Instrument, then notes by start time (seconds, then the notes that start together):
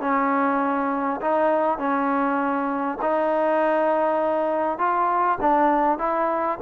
trombone
0.00 C#4
1.21 D#4
1.78 C#4
3.01 D#4
4.78 F4
5.40 D4
5.98 E4